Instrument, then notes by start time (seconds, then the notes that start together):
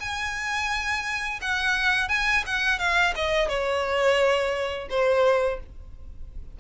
violin
0.00 G#5
1.41 F#5
2.09 G#5
2.46 F#5
2.79 F5
3.16 D#5
3.49 C#5
4.90 C5